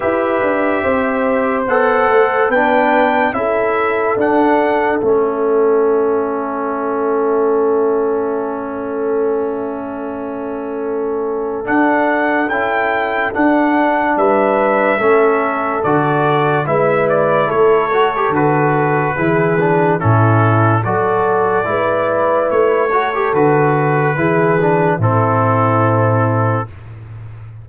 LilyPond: <<
  \new Staff \with { instrumentName = "trumpet" } { \time 4/4 \tempo 4 = 72 e''2 fis''4 g''4 | e''4 fis''4 e''2~ | e''1~ | e''2 fis''4 g''4 |
fis''4 e''2 d''4 | e''8 d''8 cis''4 b'2 | a'4 d''2 cis''4 | b'2 a'2 | }
  \new Staff \with { instrumentName = "horn" } { \time 4/4 b'4 c''2 b'4 | a'1~ | a'1~ | a'1~ |
a'4 b'4 a'2 | b'4 a'2 gis'4 | e'4 a'4 b'4. a'8~ | a'4 gis'4 e'2 | }
  \new Staff \with { instrumentName = "trombone" } { \time 4/4 g'2 a'4 d'4 | e'4 d'4 cis'2~ | cis'1~ | cis'2 d'4 e'4 |
d'2 cis'4 fis'4 | e'4. fis'16 g'16 fis'4 e'8 d'8 | cis'4 fis'4 e'4. fis'16 g'16 | fis'4 e'8 d'8 c'2 | }
  \new Staff \with { instrumentName = "tuba" } { \time 4/4 e'8 d'8 c'4 b8 a8 b4 | cis'4 d'4 a2~ | a1~ | a2 d'4 cis'4 |
d'4 g4 a4 d4 | gis4 a4 d4 e4 | a,4 fis4 gis4 a4 | d4 e4 a,2 | }
>>